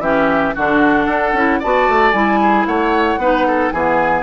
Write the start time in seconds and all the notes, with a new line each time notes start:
0.00 E3 C#4 G4 E5
0.55 D3 D4 F#4 F#5
1.07 D4 A4
1.34 C#4 E4
1.60 B3 F#4 D5 A5
1.89 A3
2.12 G3 E4 G#5
2.42 G#4
2.67 A3 C#5 F#5
3.18 B3 D#4 B4
3.47 A4
3.72 E3 B3 G#4 G#5